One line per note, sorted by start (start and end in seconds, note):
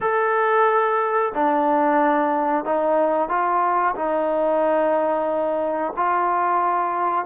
0.00 1.32 A4
1.34 2.65 D4
2.65 3.28 D#4
3.28 3.94 F4
3.95 5.93 D#4
5.96 7.25 F4